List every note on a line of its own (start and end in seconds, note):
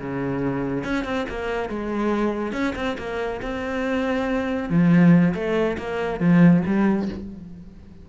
0.00 0.84 C#3
0.84 1.04 C#4
1.04 1.26 C4
1.30 1.69 A#3
1.69 2.53 G#3
2.53 2.74 C#4
2.76 2.97 C4
2.98 3.41 A#3
3.42 4.70 C4
4.70 5.34 F3
5.35 5.77 A3
5.78 6.20 A#3
6.20 6.63 F3
6.66 7.09 G3